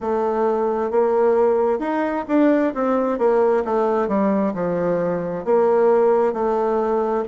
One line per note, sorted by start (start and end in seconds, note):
0.00 0.90 A3
0.90 1.79 A#3
1.79 2.24 D#4
2.28 2.73 D4
2.74 3.18 C4
3.18 3.63 A#3
3.64 4.08 A3
4.08 4.53 G3
4.54 5.45 F3
5.45 6.33 A#3
6.33 7.24 A3